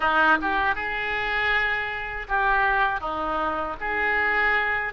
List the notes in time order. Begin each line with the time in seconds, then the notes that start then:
0.00 D#4
0.41 G4
0.75 G#4
2.28 G4
3.00 D#4
3.80 G#4